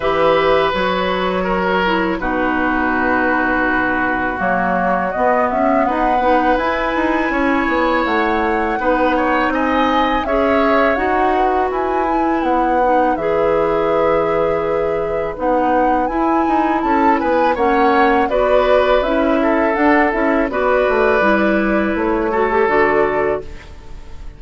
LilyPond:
<<
  \new Staff \with { instrumentName = "flute" } { \time 4/4 \tempo 4 = 82 e''4 cis''2 b'4~ | b'2 cis''4 dis''8 e''8 | fis''4 gis''2 fis''4~ | fis''4 gis''4 e''4 fis''4 |
gis''4 fis''4 e''2~ | e''4 fis''4 gis''4 a''8 gis''8 | fis''4 d''4 e''4 fis''8 e''8 | d''2 cis''4 d''4 | }
  \new Staff \with { instrumentName = "oboe" } { \time 4/4 b'2 ais'4 fis'4~ | fis'1 | b'2 cis''2 | b'8 cis''8 dis''4 cis''4. b'8~ |
b'1~ | b'2. a'8 b'8 | cis''4 b'4. a'4. | b'2~ b'8 a'4. | }
  \new Staff \with { instrumentName = "clarinet" } { \time 4/4 g'4 fis'4. e'8 dis'4~ | dis'2 ais4 b4~ | b8 dis'8 e'2. | dis'2 gis'4 fis'4~ |
fis'8 e'4 dis'8 gis'2~ | gis'4 dis'4 e'2 | cis'4 fis'4 e'4 d'8 e'8 | fis'4 e'4. fis'16 g'16 fis'4 | }
  \new Staff \with { instrumentName = "bassoon" } { \time 4/4 e4 fis2 b,4~ | b,2 fis4 b8 cis'8 | dis'8 b8 e'8 dis'8 cis'8 b8 a4 | b4 c'4 cis'4 dis'4 |
e'4 b4 e2~ | e4 b4 e'8 dis'8 cis'8 b8 | ais4 b4 cis'4 d'8 cis'8 | b8 a8 g4 a4 d4 | }
>>